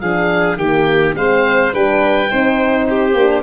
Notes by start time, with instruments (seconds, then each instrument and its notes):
0.00 tuba F3, horn D4, violin G#4, oboe F5
0.56 tuba D#3, horn A#3, violin G4, oboe G5
1.15 tuba G#3, horn C4, violin C5, oboe F5
1.72 tuba G3, horn D4, violin B4, oboe G5
2.26 tuba C4, horn D#4, violin C5
2.85 violin G4, oboe C5
3.13 tuba A#3, horn D4